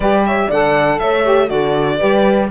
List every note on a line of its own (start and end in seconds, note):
0.00 0.47 G3
0.00 0.51 G4
0.00 0.25 B4
0.00 0.24 D5
0.25 0.47 C#5
0.25 0.50 E5
0.47 1.00 D3
0.47 1.24 A4
0.47 0.97 D5
0.47 0.98 F#5
0.98 1.50 A3
0.98 1.50 C#5
0.98 1.48 E5
1.24 1.47 G4
1.47 2.00 D3
1.47 1.97 F#4
1.47 1.98 A4
1.47 2.49 D5
1.98 2.51 G3
1.98 2.49 G4
1.98 2.48 B4